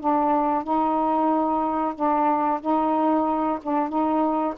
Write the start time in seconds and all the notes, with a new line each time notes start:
0.00 D4
0.63 D#4
1.94 D4
2.61 D#4
3.62 D4
3.89 D#4